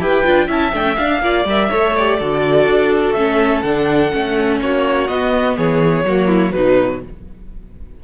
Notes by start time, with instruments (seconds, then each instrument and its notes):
0.00 cello E4, viola G4, violin B4 G5
0.25 cello D4, viola F4
0.48 cello C#4, viola E4, violin E5 A5
0.73 cello A3, viola D4, violin G5
0.84 viola C#4
0.97 viola D4, cello D4, violin F5
1.21 cello A#3, viola F4, violin D5
1.45 cello G3, viola A#4, violin E5
1.69 cello A3, viola A4, violin C#5
1.96 viola G4, violin D5
2.19 cello D3, viola F#4, violin A4
2.67 cello D4
3.13 cello A3, viola C#4, violin E5
3.63 cello D3, viola D4, violin F#5
4.12 cello A3, viola C#4
4.61 cello A#3, violin F#4 C#5
5.08 cello B3, viola B3, violin D#5
5.57 cello E3, violin G#4 C#5
6.04 cello F#3, viola A#3, violin F#4
6.27 violin E4
6.52 cello B2, viola F#3, violin D#4 B4